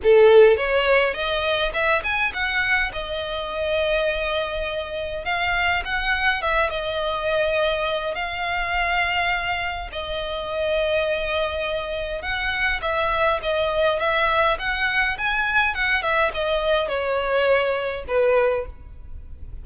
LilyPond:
\new Staff \with { instrumentName = "violin" } { \time 4/4 \tempo 4 = 103 a'4 cis''4 dis''4 e''8 gis''8 | fis''4 dis''2.~ | dis''4 f''4 fis''4 e''8 dis''8~ | dis''2 f''2~ |
f''4 dis''2.~ | dis''4 fis''4 e''4 dis''4 | e''4 fis''4 gis''4 fis''8 e''8 | dis''4 cis''2 b'4 | }